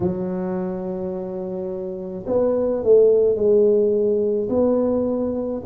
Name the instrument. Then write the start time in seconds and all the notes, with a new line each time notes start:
tuba
0.00 F#3
2.26 B3
2.83 A3
3.35 G#3
4.49 B3